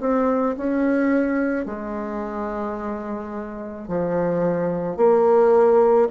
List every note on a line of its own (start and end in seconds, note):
0.00 0.56 C4
0.57 1.66 C#4
1.66 3.88 G#3
3.88 4.97 F3
4.97 6.08 A#3